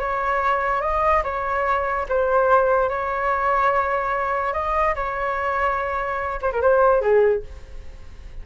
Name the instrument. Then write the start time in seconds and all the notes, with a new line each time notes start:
flute
0.00 C#5
0.82 D#5
1.24 C#5
2.09 C5
2.90 C#5
4.54 D#5
4.96 C#5
6.42 C5
6.53 A#4
6.62 C5
7.02 G#4